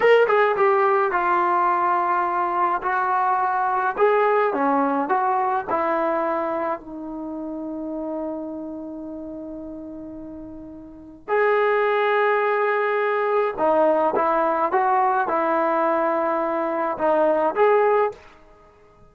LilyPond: \new Staff \with { instrumentName = "trombone" } { \time 4/4 \tempo 4 = 106 ais'8 gis'8 g'4 f'2~ | f'4 fis'2 gis'4 | cis'4 fis'4 e'2 | dis'1~ |
dis'1 | gis'1 | dis'4 e'4 fis'4 e'4~ | e'2 dis'4 gis'4 | }